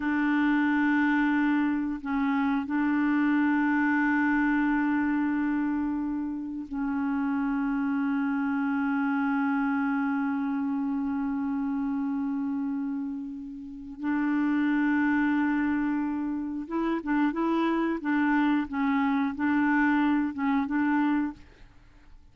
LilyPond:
\new Staff \with { instrumentName = "clarinet" } { \time 4/4 \tempo 4 = 90 d'2. cis'4 | d'1~ | d'2 cis'2~ | cis'1~ |
cis'1~ | cis'4 d'2.~ | d'4 e'8 d'8 e'4 d'4 | cis'4 d'4. cis'8 d'4 | }